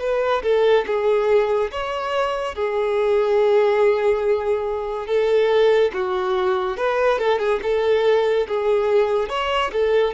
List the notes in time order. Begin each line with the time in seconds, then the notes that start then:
0.00 B4
0.43 A4
0.86 G#4
1.71 C#5
2.55 G#4
5.07 A4
5.93 F#4
6.77 B4
7.19 A4
7.39 G#4
7.62 A4
8.48 G#4
9.29 C#5
9.73 A4